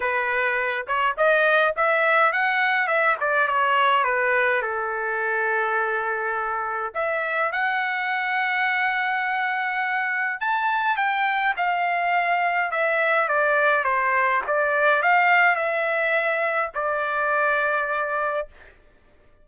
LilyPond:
\new Staff \with { instrumentName = "trumpet" } { \time 4/4 \tempo 4 = 104 b'4. cis''8 dis''4 e''4 | fis''4 e''8 d''8 cis''4 b'4 | a'1 | e''4 fis''2.~ |
fis''2 a''4 g''4 | f''2 e''4 d''4 | c''4 d''4 f''4 e''4~ | e''4 d''2. | }